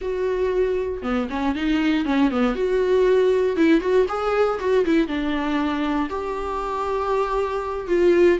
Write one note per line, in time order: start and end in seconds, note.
0.01 1.02 F#4
1.02 1.28 B3
1.29 1.55 C#4
1.55 2.05 D#4
2.05 2.30 C#4
2.30 2.55 B3
2.55 3.56 F#4
3.56 3.80 E4
3.80 4.06 F#4
4.08 4.59 G#4
4.59 4.84 F#4
4.85 5.07 E4
5.07 6.09 D4
6.09 7.87 G4
7.87 8.38 F4